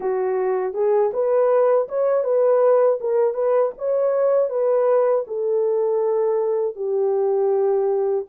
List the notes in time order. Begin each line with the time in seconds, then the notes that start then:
0.00 F#4
0.73 G#4
1.12 B4
1.88 C#5
2.23 B4
3.00 A#4
3.34 B4
3.78 C#5
4.49 B4
5.27 A4
6.75 G4